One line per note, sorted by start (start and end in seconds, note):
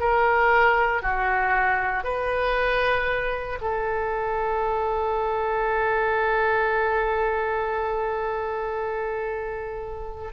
0.00 1.02 A#4
1.02 2.04 F#4
2.04 3.59 B4
3.61 10.33 A4